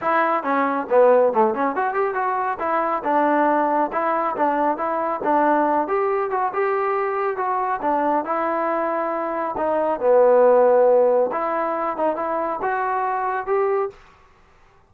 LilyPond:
\new Staff \with { instrumentName = "trombone" } { \time 4/4 \tempo 4 = 138 e'4 cis'4 b4 a8 cis'8 | fis'8 g'8 fis'4 e'4 d'4~ | d'4 e'4 d'4 e'4 | d'4. g'4 fis'8 g'4~ |
g'4 fis'4 d'4 e'4~ | e'2 dis'4 b4~ | b2 e'4. dis'8 | e'4 fis'2 g'4 | }